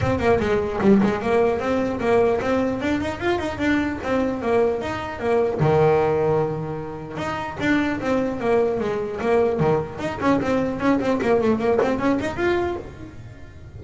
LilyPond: \new Staff \with { instrumentName = "double bass" } { \time 4/4 \tempo 4 = 150 c'8 ais8 gis4 g8 gis8 ais4 | c'4 ais4 c'4 d'8 dis'8 | f'8 dis'8 d'4 c'4 ais4 | dis'4 ais4 dis2~ |
dis2 dis'4 d'4 | c'4 ais4 gis4 ais4 | dis4 dis'8 cis'8 c'4 cis'8 c'8 | ais8 a8 ais8 c'8 cis'8 dis'8 f'4 | }